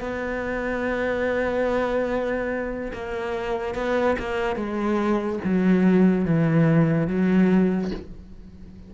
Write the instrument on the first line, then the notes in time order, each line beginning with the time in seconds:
cello
0.00 B3
2.93 A#3
3.75 B3
4.19 A#3
4.56 G#3
5.44 F#3
6.25 E3
7.08 F#3